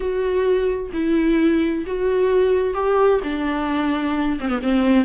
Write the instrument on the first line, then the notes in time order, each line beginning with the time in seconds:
viola
0.00 F#4
0.93 E4
1.86 F#4
2.74 G4
3.23 D4
4.40 C4
4.48 B3
4.62 C4